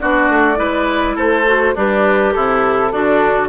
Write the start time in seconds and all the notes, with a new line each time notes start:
0.00 B3 D4 F#4 D5
0.29 A3
0.56 G#3 E4 B4
1.16 A3 A4 C5
1.46 F#4
1.75 G3 D4 G4 B4
2.33 C3 E4 A4
2.92 D3 D4 F#4